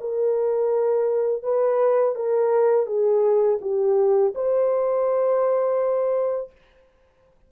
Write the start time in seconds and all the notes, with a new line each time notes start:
0.00 A#4
1.43 B4
2.15 A#4
2.86 G#4
3.61 G4
4.34 C5